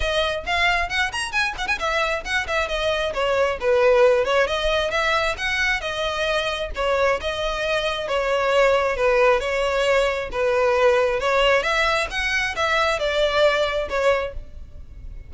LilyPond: \new Staff \with { instrumentName = "violin" } { \time 4/4 \tempo 4 = 134 dis''4 f''4 fis''8 ais''8 gis''8 fis''16 gis''16 | e''4 fis''8 e''8 dis''4 cis''4 | b'4. cis''8 dis''4 e''4 | fis''4 dis''2 cis''4 |
dis''2 cis''2 | b'4 cis''2 b'4~ | b'4 cis''4 e''4 fis''4 | e''4 d''2 cis''4 | }